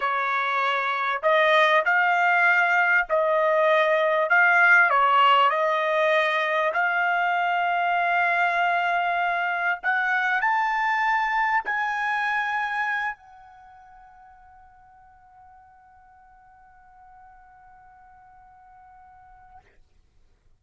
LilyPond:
\new Staff \with { instrumentName = "trumpet" } { \time 4/4 \tempo 4 = 98 cis''2 dis''4 f''4~ | f''4 dis''2 f''4 | cis''4 dis''2 f''4~ | f''1 |
fis''4 a''2 gis''4~ | gis''4. fis''2~ fis''8~ | fis''1~ | fis''1 | }